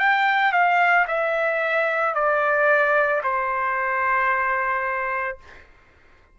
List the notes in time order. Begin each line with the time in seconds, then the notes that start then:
0.00 G5
0.53 F5
1.08 E5
2.15 D5
3.24 C5